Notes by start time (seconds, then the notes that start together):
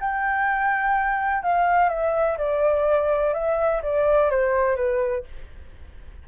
0.00 G5
1.43 F5
1.89 E5
2.38 D5
3.34 E5
3.82 D5
4.30 C5
4.76 B4